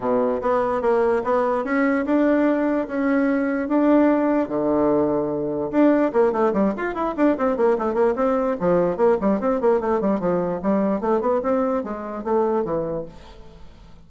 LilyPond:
\new Staff \with { instrumentName = "bassoon" } { \time 4/4 \tempo 4 = 147 b,4 b4 ais4 b4 | cis'4 d'2 cis'4~ | cis'4 d'2 d4~ | d2 d'4 ais8 a8 |
g8 f'8 e'8 d'8 c'8 ais8 a8 ais8 | c'4 f4 ais8 g8 c'8 ais8 | a8 g8 f4 g4 a8 b8 | c'4 gis4 a4 e4 | }